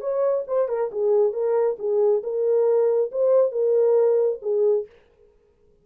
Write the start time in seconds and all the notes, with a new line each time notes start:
0.00 C#5
0.47 C5
0.68 A#4
0.91 G#4
1.33 A#4
1.78 G#4
2.23 A#4
3.11 C5
3.51 A#4
4.42 G#4